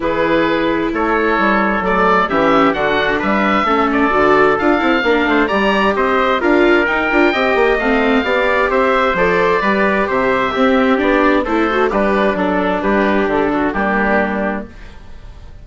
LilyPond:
<<
  \new Staff \with { instrumentName = "oboe" } { \time 4/4 \tempo 4 = 131 b'2 cis''2 | d''4 e''4 fis''4 e''4~ | e''8 d''4. f''2 | ais''4 dis''4 f''4 g''4~ |
g''4 f''2 e''4 | d''2 e''2 | d''4 c''4 b'4 a'4 | b'4 a'4 g'2 | }
  \new Staff \with { instrumentName = "trumpet" } { \time 4/4 gis'2 a'2~ | a'4 g'4 fis'4 b'4 | a'2. ais'8 c''8 | d''4 c''4 ais'2 |
dis''2 d''4 c''4~ | c''4 b'4 c''4 g'4~ | g'4 a'4 d'2 | g'4. fis'8 d'2 | }
  \new Staff \with { instrumentName = "viola" } { \time 4/4 e'1 | a4 cis'4 d'2 | cis'4 fis'4 f'8 e'8 d'4 | g'2 f'4 dis'8 f'8 |
g'4 c'4 g'2 | a'4 g'2 c'4 | d'4 e'8 fis'8 g'4 d'4~ | d'2 ais2 | }
  \new Staff \with { instrumentName = "bassoon" } { \time 4/4 e2 a4 g4 | fis4 e4 d4 g4 | a4 d4 d'8 c'8 ais8 a8 | g4 c'4 d'4 dis'8 d'8 |
c'8 ais8 a4 b4 c'4 | f4 g4 c4 c'4 | b4 a4 g4 fis4 | g4 d4 g2 | }
>>